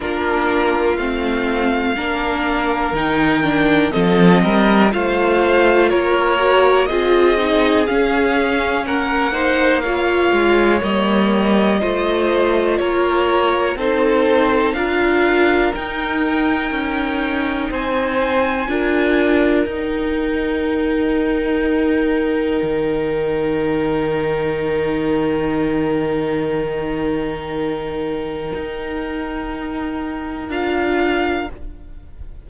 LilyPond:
<<
  \new Staff \with { instrumentName = "violin" } { \time 4/4 \tempo 4 = 61 ais'4 f''2 g''4 | dis''4 f''4 cis''4 dis''4 | f''4 fis''4 f''4 dis''4~ | dis''4 cis''4 c''4 f''4 |
g''2 gis''2 | g''1~ | g''1~ | g''2. f''4 | }
  \new Staff \with { instrumentName = "violin" } { \time 4/4 f'2 ais'2 | a'8 ais'8 c''4 ais'4 gis'4~ | gis'4 ais'8 c''8 cis''2 | c''4 ais'4 a'4 ais'4~ |
ais'2 c''4 ais'4~ | ais'1~ | ais'1~ | ais'1 | }
  \new Staff \with { instrumentName = "viola" } { \time 4/4 d'4 c'4 d'4 dis'8 d'8 | c'4 f'4. fis'8 f'8 dis'8 | cis'4. dis'8 f'4 ais4 | f'2 dis'4 f'4 |
dis'2. f'4 | dis'1~ | dis'1~ | dis'2. f'4 | }
  \new Staff \with { instrumentName = "cello" } { \time 4/4 ais4 a4 ais4 dis4 | f8 g8 a4 ais4 c'4 | cis'4 ais4. gis8 g4 | a4 ais4 c'4 d'4 |
dis'4 cis'4 c'4 d'4 | dis'2. dis4~ | dis1~ | dis4 dis'2 d'4 | }
>>